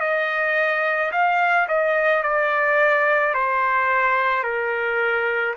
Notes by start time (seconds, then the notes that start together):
0.00 D#5
1.12 F5
1.68 D#5
2.23 D5
3.34 C5
4.43 A#4